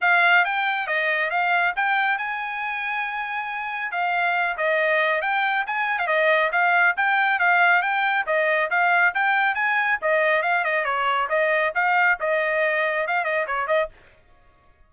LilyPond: \new Staff \with { instrumentName = "trumpet" } { \time 4/4 \tempo 4 = 138 f''4 g''4 dis''4 f''4 | g''4 gis''2.~ | gis''4 f''4. dis''4. | g''4 gis''8. f''16 dis''4 f''4 |
g''4 f''4 g''4 dis''4 | f''4 g''4 gis''4 dis''4 | f''8 dis''8 cis''4 dis''4 f''4 | dis''2 f''8 dis''8 cis''8 dis''8 | }